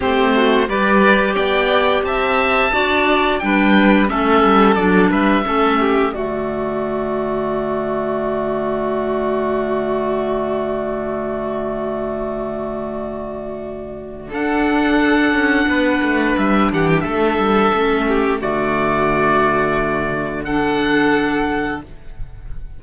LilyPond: <<
  \new Staff \with { instrumentName = "oboe" } { \time 4/4 \tempo 4 = 88 c''4 d''4 g''4 a''4~ | a''4 g''4 e''4 d''8 e''8~ | e''4 d''2.~ | d''1~ |
d''1~ | d''4 fis''2. | e''8 fis''16 g''16 e''2 d''4~ | d''2 fis''2 | }
  \new Staff \with { instrumentName = "violin" } { \time 4/4 g'8 fis'8 b'4 d''4 e''4 | d''4 b'4 a'4. b'8 | a'8 g'8 fis'2.~ | fis'1~ |
fis'1~ | fis'4 a'2 b'4~ | b'8 g'8 a'4. g'8 fis'4~ | fis'2 a'2 | }
  \new Staff \with { instrumentName = "clarinet" } { \time 4/4 c'4 g'2. | fis'4 d'4 cis'4 d'4 | cis'4 a2.~ | a1~ |
a1~ | a4 d'2.~ | d'2 cis'4 a4~ | a2 d'2 | }
  \new Staff \with { instrumentName = "cello" } { \time 4/4 a4 g4 b4 c'4 | d'4 g4 a8 g8 fis8 g8 | a4 d2.~ | d1~ |
d1~ | d4 d'4. cis'8 b8 a8 | g8 e8 a8 g8 a4 d4~ | d1 | }
>>